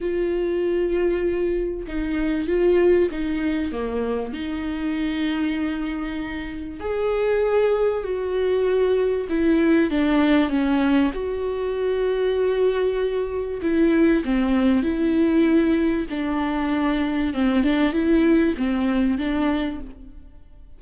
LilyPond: \new Staff \with { instrumentName = "viola" } { \time 4/4 \tempo 4 = 97 f'2. dis'4 | f'4 dis'4 ais4 dis'4~ | dis'2. gis'4~ | gis'4 fis'2 e'4 |
d'4 cis'4 fis'2~ | fis'2 e'4 c'4 | e'2 d'2 | c'8 d'8 e'4 c'4 d'4 | }